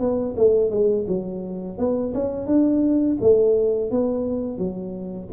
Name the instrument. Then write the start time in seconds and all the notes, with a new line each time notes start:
tuba
0.00 B3
0.37 A3
0.71 G#3
1.08 F#3
1.78 B3
2.15 C#4
2.47 D4
3.21 A3
3.91 B3
4.59 F#3